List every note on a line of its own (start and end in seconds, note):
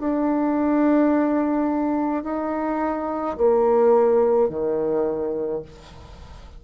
0.00 2.24 D4
2.24 3.37 D#4
3.38 4.50 A#3
4.50 5.63 D#3